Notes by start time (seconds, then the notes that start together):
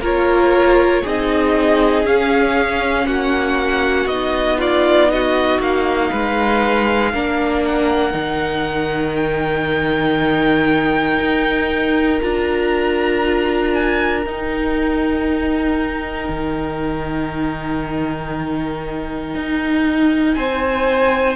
0.00 A#3 F4 A#4 C#5
1.02 C4 D#4 G#4 D#5
2.04 C#4 F5
3.06 A#3 F#4 F#5
4.05 B3 D#4 D#5
4.58 F4 D5
5.09 F#4 D#5
5.58 A#3 F5
6.10 G#3 B4
7.13 A#3 D4 A#4
7.64 F#5
8.11 D#3 D#4
9.15 G5
11.19 D#4
12.20 D4 F4 A#5
13.73 G#5
14.24 D#4 G5
16.29 D#3
19.34 D#4
20.34 C4 C5 G#5